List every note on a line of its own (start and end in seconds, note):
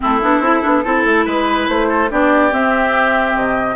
0.00 0.22 A3
0.00 0.21 C4
0.00 0.84 E4
0.00 1.25 A4
0.22 0.40 B3
0.22 0.43 D4
0.40 0.61 C4
0.40 0.62 E4
0.62 0.85 B3
0.62 0.83 D4
0.84 1.05 C4
0.84 2.10 E4
0.84 1.25 A4
1.05 1.26 A3
1.25 1.67 G#3
1.25 1.67 B4
1.25 1.88 B4
1.67 2.09 A3
1.67 2.10 C5
1.88 2.09 A4
2.10 2.52 B3
2.10 2.51 D4
2.10 3.76 G4
2.10 2.53 D5
2.51 3.76 C4
2.51 3.34 C4
2.51 3.36 E5
3.34 3.76 C3
3.34 3.76 D#5